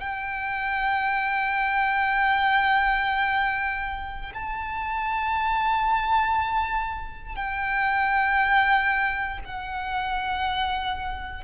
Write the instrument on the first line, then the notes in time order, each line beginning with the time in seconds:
violin
0.00 G5
4.34 A5
7.35 G5
9.44 F#5